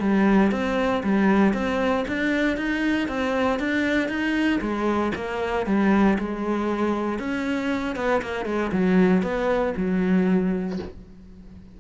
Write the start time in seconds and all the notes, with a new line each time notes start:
0.00 G3
0.51 C4
1.03 G3
1.53 C4
2.08 D4
2.57 D#4
3.08 C4
3.59 D4
4.08 D#4
4.61 G#3
5.15 A#3
5.66 G3
6.18 G#3
7.19 C#4
7.96 B3
8.22 A#3
8.45 G#3
8.72 F#3
9.23 B3
9.76 F#3